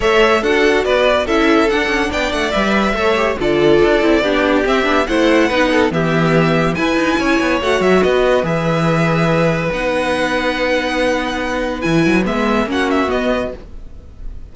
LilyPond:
<<
  \new Staff \with { instrumentName = "violin" } { \time 4/4 \tempo 4 = 142 e''4 fis''4 d''4 e''4 | fis''4 g''8 fis''8 e''2 | d''2. e''4 | fis''2 e''2 |
gis''2 fis''8 e''8 dis''4 | e''2. fis''4~ | fis''1 | gis''4 e''4 fis''8 e''8 dis''4 | }
  \new Staff \with { instrumentName = "violin" } { \time 4/4 cis''4 a'4 b'4 a'4~ | a'4 d''2 cis''4 | a'2 g'2 | c''4 b'8 a'8 g'2 |
b'4 cis''2 b'4~ | b'1~ | b'1~ | b'2 fis'2 | }
  \new Staff \with { instrumentName = "viola" } { \time 4/4 a'4 fis'2 e'4 | d'2 b'4 a'8 g'8 | f'4. e'8 d'4 c'8 d'8 | e'4 dis'4 b2 |
e'2 fis'2 | gis'2. dis'4~ | dis'1 | e'4 b4 cis'4 b4 | }
  \new Staff \with { instrumentName = "cello" } { \time 4/4 a4 d'4 b4 cis'4 | d'8 cis'8 b8 a8 g4 a4 | d4 d'8 c'8 b4 c'8 b8 | a4 b4 e2 |
e'8 dis'8 cis'8 b8 a8 fis8 b4 | e2. b4~ | b1 | e8 fis8 gis4 ais4 b4 | }
>>